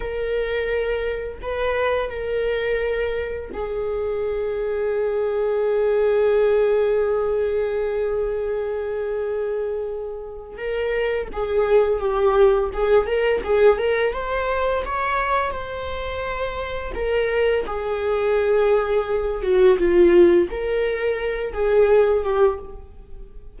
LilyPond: \new Staff \with { instrumentName = "viola" } { \time 4/4 \tempo 4 = 85 ais'2 b'4 ais'4~ | ais'4 gis'2.~ | gis'1~ | gis'2. ais'4 |
gis'4 g'4 gis'8 ais'8 gis'8 ais'8 | c''4 cis''4 c''2 | ais'4 gis'2~ gis'8 fis'8 | f'4 ais'4. gis'4 g'8 | }